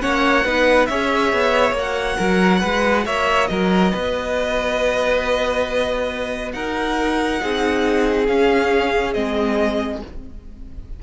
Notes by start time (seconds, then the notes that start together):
0.00 A#3 C#4 C#5 F#5
0.45 B3 D#4 B4
0.86 C#4 G#4 C#5 E5
1.33 B3
1.72 A#3 F#4
1.79 F#5
2.17 F#3 A#4
2.61 G#3 B4
3.06 A#3 C#5 E5
3.48 F#3 A#4 D#5
3.92 B3 B4
6.53 D#4 A#4 F#5
7.40 C4 D#4 G#4
8.28 C#4 F5
9.14 G#3 C4 D#5